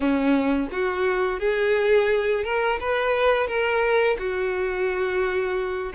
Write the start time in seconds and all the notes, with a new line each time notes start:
0.00 C#4
0.71 F#4
1.40 G#4
2.44 A#4
2.80 B4
3.47 A#4
4.18 F#4